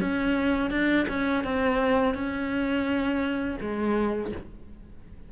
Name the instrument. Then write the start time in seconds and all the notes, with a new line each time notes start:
cello
0.00 C#4
0.70 D4
1.08 C#4
1.44 C4
2.14 C#4
3.60 G#3